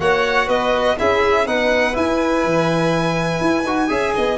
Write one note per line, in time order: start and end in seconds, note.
0.00 0.48 A#3
0.00 0.98 F#4
0.00 0.47 C#5
0.00 0.49 F#5
0.47 0.97 B3
0.47 0.96 B4
0.47 0.98 D#5
0.98 1.47 C#4
0.98 1.47 E4
0.98 1.48 G#4
0.98 1.47 E5
1.47 1.96 B3
1.47 1.93 D#4
1.47 3.90 B4
1.47 1.96 F#5
1.93 3.64 E4
1.93 2.45 E4
1.93 4.38 G#5
2.45 3.41 E3
3.41 3.64 E4
3.64 3.88 D#4
3.64 3.89 F#4
3.89 4.14 C#4
3.89 4.37 G#4
3.89 4.14 E5
4.16 4.38 B3
4.16 4.38 D#5